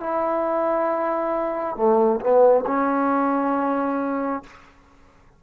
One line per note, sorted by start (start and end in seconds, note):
0.00 1.76 E4
1.76 2.20 A3
2.21 2.65 B3
2.67 4.43 C#4